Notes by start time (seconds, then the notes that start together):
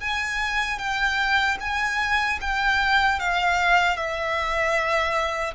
0.00 G#5
0.79 G5
1.60 G#5
2.41 G5
3.19 F5
3.96 E5